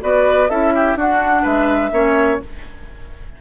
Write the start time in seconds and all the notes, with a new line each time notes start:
0.00 B3 F#4 B4 D5
0.49 C#4 E4 A4 E5
0.75 G4
0.95 D4 F#4 F#5
1.42 G#3 B4 E5
1.91 A#3 C#4 C#5